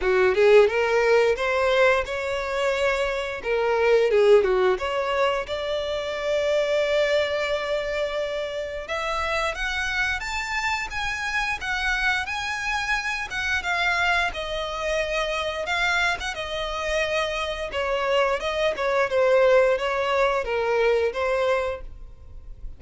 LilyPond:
\new Staff \with { instrumentName = "violin" } { \time 4/4 \tempo 4 = 88 fis'8 gis'8 ais'4 c''4 cis''4~ | cis''4 ais'4 gis'8 fis'8 cis''4 | d''1~ | d''4 e''4 fis''4 a''4 |
gis''4 fis''4 gis''4. fis''8 | f''4 dis''2 f''8. fis''16 | dis''2 cis''4 dis''8 cis''8 | c''4 cis''4 ais'4 c''4 | }